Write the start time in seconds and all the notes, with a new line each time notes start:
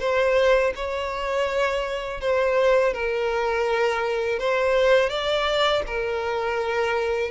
0.00 C5
0.76 C#5
2.21 C5
2.94 A#4
4.39 C5
5.10 D5
5.87 A#4